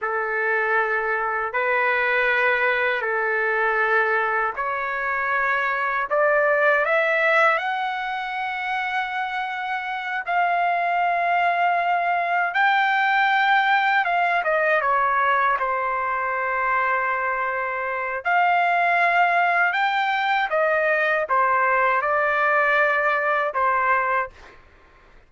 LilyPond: \new Staff \with { instrumentName = "trumpet" } { \time 4/4 \tempo 4 = 79 a'2 b'2 | a'2 cis''2 | d''4 e''4 fis''2~ | fis''4. f''2~ f''8~ |
f''8 g''2 f''8 dis''8 cis''8~ | cis''8 c''2.~ c''8 | f''2 g''4 dis''4 | c''4 d''2 c''4 | }